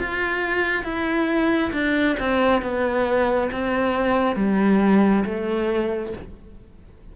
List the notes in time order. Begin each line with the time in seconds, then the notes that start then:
0.00 F4
0.84 E4
1.73 D4
2.20 C4
2.62 B3
3.52 C4
4.36 G3
5.25 A3